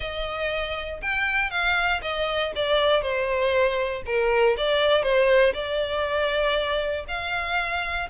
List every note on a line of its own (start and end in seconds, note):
0.00 1.00 D#5
1.02 1.50 G5
1.50 2.00 F5
2.01 2.52 D#5
2.55 3.02 D5
3.02 4.02 C5
4.06 4.56 A#4
4.57 5.02 D5
5.02 5.53 C5
5.53 7.05 D5
7.07 8.08 F5